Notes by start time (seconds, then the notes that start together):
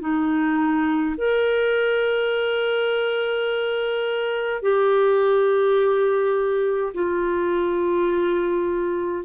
0.00 D#4
1.17 A#4
4.62 G4
6.94 F4